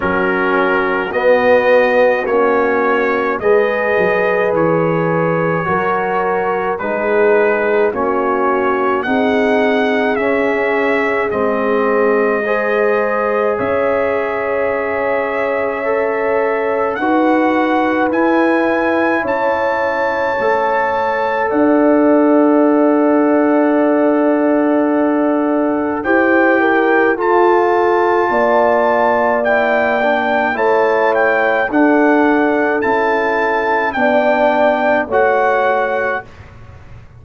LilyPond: <<
  \new Staff \with { instrumentName = "trumpet" } { \time 4/4 \tempo 4 = 53 ais'4 dis''4 cis''4 dis''4 | cis''2 b'4 cis''4 | fis''4 e''4 dis''2 | e''2. fis''4 |
gis''4 a''2 fis''4~ | fis''2. g''4 | a''2 g''4 a''8 g''8 | fis''4 a''4 g''4 fis''4 | }
  \new Staff \with { instrumentName = "horn" } { \time 4/4 fis'2. b'4~ | b'4 ais'4 gis'4 fis'4 | gis'2. c''4 | cis''2. b'4~ |
b'4 cis''2 d''4~ | d''2. c''8 ais'8 | a'4 d''2 cis''4 | a'2 d''4 cis''4 | }
  \new Staff \with { instrumentName = "trombone" } { \time 4/4 cis'4 b4 cis'4 gis'4~ | gis'4 fis'4 dis'4 cis'4 | dis'4 cis'4 c'4 gis'4~ | gis'2 a'4 fis'4 |
e'2 a'2~ | a'2. g'4 | f'2 e'8 d'8 e'4 | d'4 e'4 d'4 fis'4 | }
  \new Staff \with { instrumentName = "tuba" } { \time 4/4 fis4 b4 ais4 gis8 fis8 | e4 fis4 gis4 ais4 | c'4 cis'4 gis2 | cis'2. dis'4 |
e'4 cis'4 a4 d'4~ | d'2. e'4 | f'4 ais2 a4 | d'4 cis'4 b4 a4 | }
>>